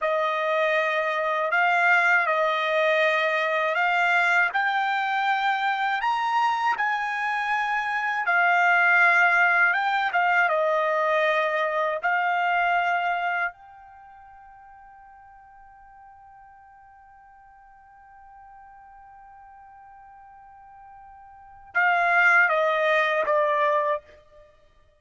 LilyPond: \new Staff \with { instrumentName = "trumpet" } { \time 4/4 \tempo 4 = 80 dis''2 f''4 dis''4~ | dis''4 f''4 g''2 | ais''4 gis''2 f''4~ | f''4 g''8 f''8 dis''2 |
f''2 g''2~ | g''1~ | g''1~ | g''4 f''4 dis''4 d''4 | }